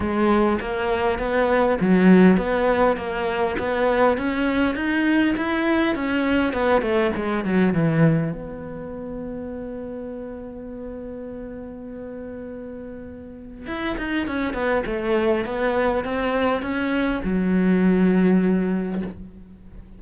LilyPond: \new Staff \with { instrumentName = "cello" } { \time 4/4 \tempo 4 = 101 gis4 ais4 b4 fis4 | b4 ais4 b4 cis'4 | dis'4 e'4 cis'4 b8 a8 | gis8 fis8 e4 b2~ |
b1~ | b2. e'8 dis'8 | cis'8 b8 a4 b4 c'4 | cis'4 fis2. | }